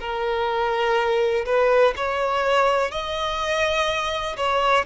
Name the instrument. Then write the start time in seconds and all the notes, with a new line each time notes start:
violin
0.00 A#4
1.46 B4
1.97 C#5
2.91 D#5
4.37 C#5